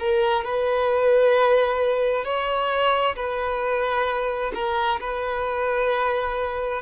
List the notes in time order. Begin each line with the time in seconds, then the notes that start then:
0.00 A#4
0.45 B4
2.25 C#5
3.16 B4
4.55 A#4
5.01 B4